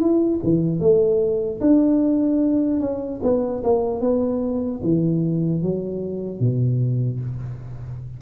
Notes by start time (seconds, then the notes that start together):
0.00 E4
0.44 E3
0.80 A3
1.61 D4
2.80 C#4
3.23 B3
3.64 A#3
4.01 B3
4.84 E3
5.63 F#3
6.40 B2